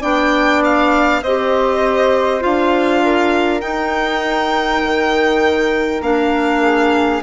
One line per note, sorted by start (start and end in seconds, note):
0.00 1.22 B3
0.00 1.22 D4
0.00 1.20 D5
0.00 0.62 G5
0.64 1.22 F5
1.22 2.43 C4
1.22 2.40 G4
1.22 3.02 C5
1.22 2.42 D#5
2.40 3.62 D4
2.40 3.60 F4
2.40 3.60 F5
3.03 6.62 A#4
3.60 6.00 D#4
3.60 4.82 D#4
3.60 6.00 G5
4.83 6.01 D#3
6.01 7.21 A#3
6.01 7.22 D4
6.01 7.22 F5
6.62 7.21 G#4